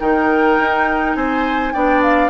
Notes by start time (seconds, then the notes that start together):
0.00 D#3 D#4 A#4 G5
0.59 D#4
1.15 C4 C5 G#5
1.73 B3 D4 D5 G5
2.02 F5